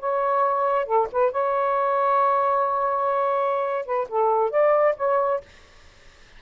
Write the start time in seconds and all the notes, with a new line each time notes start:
0.00 C#5
0.86 A4
1.12 B4
1.32 C#5
3.86 B4
4.09 A4
4.51 D5
4.97 C#5